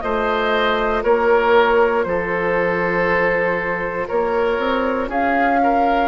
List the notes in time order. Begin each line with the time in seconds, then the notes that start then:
0.00 A3 F4 C5 D#5
1.03 A#3 A#4 C#5
2.03 F3 A4 C5
4.07 A#3 A#4 C#5
4.58 C4
5.08 C#4 G#4 F5
5.63 A#4